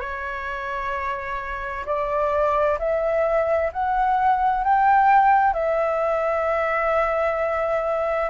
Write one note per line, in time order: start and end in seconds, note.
0.00 1.85 C#5
1.85 2.78 D5
2.79 3.71 E5
3.72 4.64 F#5
4.64 5.53 G5
5.53 8.30 E5